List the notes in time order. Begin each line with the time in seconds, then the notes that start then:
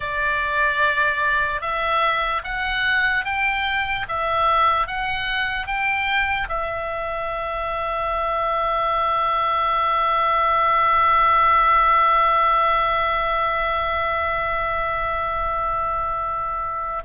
0.00 D5
1.61 E5
2.44 F#5
3.24 G5
4.08 E5
4.87 F#5
5.66 G5
6.49 E5